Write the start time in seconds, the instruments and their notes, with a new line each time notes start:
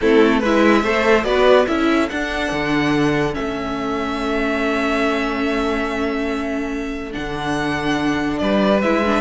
0.00 cello A3, viola C4, violin E4 A4
0.39 cello G#3, viola E4, violin B4
0.45 violin E5
0.83 cello A3, viola A4, violin C5
1.24 cello B3, viola F#4, violin B4 D5
1.67 cello C#4, viola E4, violin A4 E5
2.09 cello D4, viola D4, violin F#5
2.51 cello D3
3.33 cello A3, viola C#4, violin E5
7.11 cello D3, viola D4, violin F#5
8.38 cello G3, violin B4 D5
8.82 cello G#3, viola E4, violin E5
9.05 viola D4